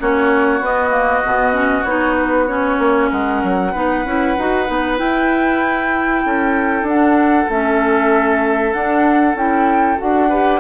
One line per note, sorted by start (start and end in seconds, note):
0.00 0.61 A#3
0.00 0.62 C#4
0.00 3.09 F#4
0.00 0.64 C#5
0.61 1.23 B3
0.61 0.90 B3
0.61 1.83 D#5
0.90 1.22 A#3
1.24 1.84 B2
1.24 1.53 B3
1.53 1.84 C#4
1.83 2.78 B3
1.83 2.48 D#4
1.83 2.15 C#5
2.18 2.47 B4
2.47 3.73 C#4
2.47 3.10 C#5
2.79 3.10 A#3
3.09 3.43 G#3
3.09 3.72 A#4
3.09 4.99 F#5
3.43 3.75 F#3
3.72 4.05 B3
3.72 4.05 D#4
3.72 6.22 B4
4.05 4.36 C#4
4.05 4.37 E4
4.38 4.69 D#4
4.38 4.66 F#4
4.66 4.99 B3
4.66 4.97 D#4
4.97 6.85 E4
4.97 6.24 E4
4.97 6.86 G5
6.25 6.82 C#4
6.25 10.29 A4
6.82 7.45 D4
6.82 7.49 D4
6.82 7.50 F#5
7.49 8.74 A3
7.49 8.74 C#4
7.49 8.73 E5
8.73 9.36 D4
8.73 9.35 D4
8.73 9.35 F#5
9.35 9.97 C#4
9.35 9.98 E4
9.35 10.00 G5
9.98 10.60 D4
9.98 10.29 F#4
9.98 10.60 F#5
10.29 10.60 G4
10.29 10.60 B4